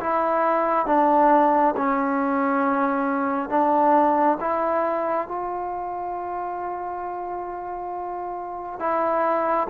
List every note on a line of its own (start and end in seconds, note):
0.00 0.87 E4
0.87 1.75 D4
1.77 3.50 C#4
3.50 4.38 D4
4.41 5.28 E4
5.28 8.80 F4
8.80 9.68 E4